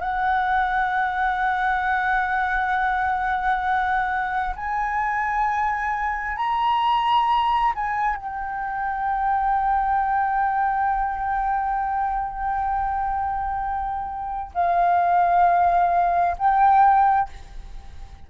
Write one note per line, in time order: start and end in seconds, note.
0.00 4.55 F#5
4.55 6.36 G#5
6.36 7.72 A#5
7.74 8.15 G#5
8.15 14.52 G5
14.54 16.36 F5
16.38 17.29 G5